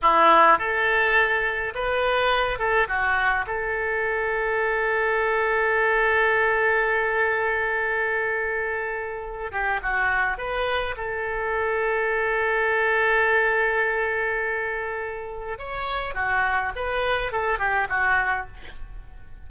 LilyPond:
\new Staff \with { instrumentName = "oboe" } { \time 4/4 \tempo 4 = 104 e'4 a'2 b'4~ | b'8 a'8 fis'4 a'2~ | a'1~ | a'1~ |
a'8 g'8 fis'4 b'4 a'4~ | a'1~ | a'2. cis''4 | fis'4 b'4 a'8 g'8 fis'4 | }